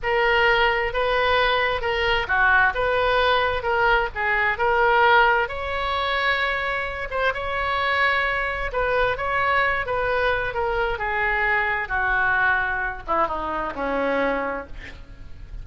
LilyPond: \new Staff \with { instrumentName = "oboe" } { \time 4/4 \tempo 4 = 131 ais'2 b'2 | ais'4 fis'4 b'2 | ais'4 gis'4 ais'2 | cis''2.~ cis''8 c''8 |
cis''2. b'4 | cis''4. b'4. ais'4 | gis'2 fis'2~ | fis'8 e'8 dis'4 cis'2 | }